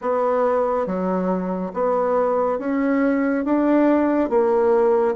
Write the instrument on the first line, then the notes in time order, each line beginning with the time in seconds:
bassoon
0.01 B3
0.86 F#3
1.73 B3
2.59 C#4
3.44 D4
4.29 A#3